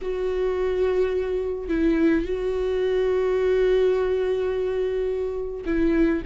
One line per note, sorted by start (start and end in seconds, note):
0.01 1.68 F#4
1.68 2.24 E4
2.24 5.64 F#4
5.65 6.22 E4